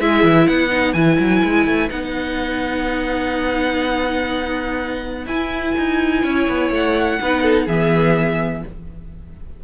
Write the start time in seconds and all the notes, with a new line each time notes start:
0.00 G#3 E4 G#4 E5
0.23 E3
0.47 B3 B4 F#5
0.70 D#4
0.93 E3 E4 G#5
1.19 F#3
1.44 G#3
1.67 A3
1.90 B3 D#4 F#5
5.26 E4 G#5
5.78 D#4
6.23 C#4 C#5
6.49 B3
6.71 A3 F#5
7.22 B3 D#4 B4
7.43 A4
7.66 E3 B3 G#4 E5